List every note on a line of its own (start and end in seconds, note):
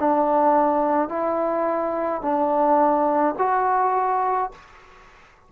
0.00 1.09 D4
1.09 2.22 E4
2.22 3.36 D4
3.38 4.51 F#4